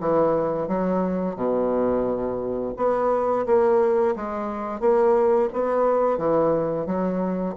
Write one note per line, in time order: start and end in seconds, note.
0.00 0.68 E3
0.68 1.36 F#3
1.36 2.74 B2
2.76 3.45 B3
3.46 4.15 A#3
4.16 4.80 G#3
4.80 5.49 A#3
5.53 6.18 B3
6.18 6.86 E3
6.86 7.55 F#3